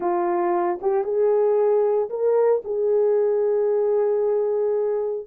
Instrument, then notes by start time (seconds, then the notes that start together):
horn
0.00 F4
0.81 G4
1.04 G#4
2.09 A#4
2.64 G#4